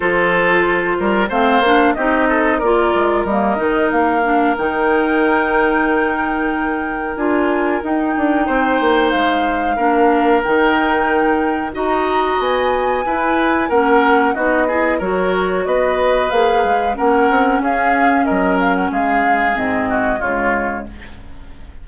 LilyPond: <<
  \new Staff \with { instrumentName = "flute" } { \time 4/4 \tempo 4 = 92 c''2 f''4 dis''4 | d''4 dis''4 f''4 g''4~ | g''2. gis''4 | g''2 f''2 |
g''2 ais''4 gis''4~ | gis''4 fis''4 dis''4 cis''4 | dis''4 f''4 fis''4 f''4 | dis''8 f''16 fis''16 f''4 dis''4 cis''4 | }
  \new Staff \with { instrumentName = "oboe" } { \time 4/4 a'4. ais'8 c''4 g'8 a'8 | ais'1~ | ais'1~ | ais'4 c''2 ais'4~ |
ais'2 dis''2 | b'4 ais'4 fis'8 gis'8 ais'4 | b'2 ais'4 gis'4 | ais'4 gis'4. fis'8 f'4 | }
  \new Staff \with { instrumentName = "clarinet" } { \time 4/4 f'2 c'8 d'8 dis'4 | f'4 ais8 dis'4 d'8 dis'4~ | dis'2. f'4 | dis'2. d'4 |
dis'2 fis'2 | e'4 cis'4 dis'8 e'8 fis'4~ | fis'4 gis'4 cis'2~ | cis'2 c'4 gis4 | }
  \new Staff \with { instrumentName = "bassoon" } { \time 4/4 f4. g8 a8 ais8 c'4 | ais8 gis8 g8 dis8 ais4 dis4~ | dis2. d'4 | dis'8 d'8 c'8 ais8 gis4 ais4 |
dis2 dis'4 b4 | e'4 ais4 b4 fis4 | b4 ais8 gis8 ais8 c'8 cis'4 | fis4 gis4 gis,4 cis4 | }
>>